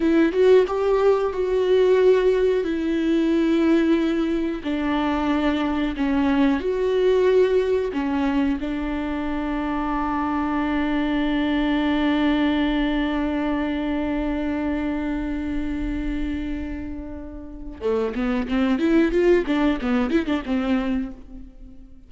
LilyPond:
\new Staff \with { instrumentName = "viola" } { \time 4/4 \tempo 4 = 91 e'8 fis'8 g'4 fis'2 | e'2. d'4~ | d'4 cis'4 fis'2 | cis'4 d'2.~ |
d'1~ | d'1~ | d'2. a8 b8 | c'8 e'8 f'8 d'8 b8 e'16 d'16 c'4 | }